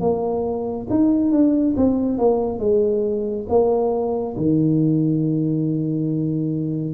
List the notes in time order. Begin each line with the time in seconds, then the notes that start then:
0.00 A#3
0.90 D#4
1.31 D4
1.76 C4
2.18 A#3
2.59 G#3
3.49 A#3
4.36 D#3